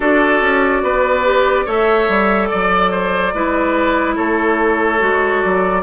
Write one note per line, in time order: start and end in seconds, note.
0.00 0.41 D4
0.00 1.24 F#4
0.00 0.81 A4
0.00 1.69 D5
0.41 0.82 C#4
0.82 1.66 B3
0.82 1.65 B4
1.24 1.65 G4
1.65 2.08 A3
1.65 3.32 A4
1.65 2.48 C#5
1.65 2.46 E5
2.08 2.49 G3
2.46 4.13 D5
2.46 2.91 D5
2.53 3.34 F#3
2.91 3.33 C5
3.34 4.17 G#3
3.34 4.99 E4
3.34 4.15 B4
4.15 5.01 A3
4.15 5.82 A4
4.15 5.41 C#5
4.99 5.43 G#3
4.99 5.82 F#4
5.41 5.83 F#3
5.41 5.83 D5